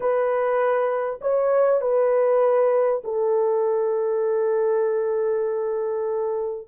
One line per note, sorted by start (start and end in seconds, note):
0.00 1.19 B4
1.21 1.81 C#5
1.81 3.02 B4
3.04 6.67 A4